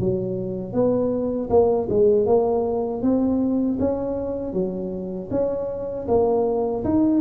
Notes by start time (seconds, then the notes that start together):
0.00 F#3
0.73 B3
1.50 A#3
1.90 G#3
2.26 A#3
3.02 C4
3.80 C#4
4.53 F#3
5.31 C#4
6.08 A#3
6.85 D#4